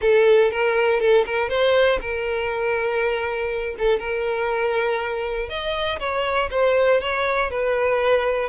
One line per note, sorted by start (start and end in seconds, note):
0.01 0.51 A4
0.51 1.00 A#4
1.00 1.25 A4
1.26 1.49 A#4
1.49 1.99 C5
2.00 3.75 A#4
3.78 3.99 A4
3.99 5.49 A#4
5.49 5.99 D#5
5.99 6.49 C#5
6.50 7.00 C5
7.00 7.50 C#5
7.50 8.49 B4